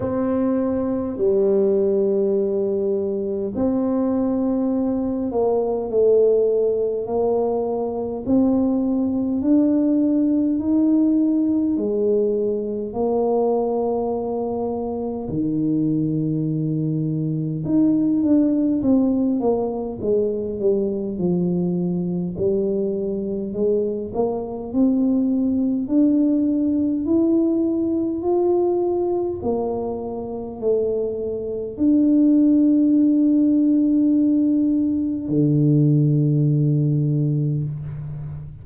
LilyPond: \new Staff \with { instrumentName = "tuba" } { \time 4/4 \tempo 4 = 51 c'4 g2 c'4~ | c'8 ais8 a4 ais4 c'4 | d'4 dis'4 gis4 ais4~ | ais4 dis2 dis'8 d'8 |
c'8 ais8 gis8 g8 f4 g4 | gis8 ais8 c'4 d'4 e'4 | f'4 ais4 a4 d'4~ | d'2 d2 | }